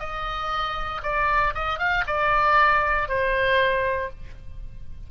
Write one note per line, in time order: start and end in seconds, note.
0.00 1.02 D#5
1.03 1.54 D5
1.55 1.79 D#5
1.79 2.05 F5
2.07 3.09 D5
3.09 4.10 C5